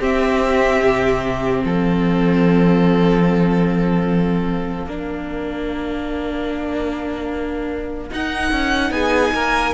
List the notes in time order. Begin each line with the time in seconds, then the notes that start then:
0.00 C4 G4 E5
0.83 C3
1.64 F3 A4 F5
4.86 A#3 D4 A#4
8.10 D#4 F#5
8.52 C#4
8.91 B3 G#4 G#5
9.33 A#3 A#4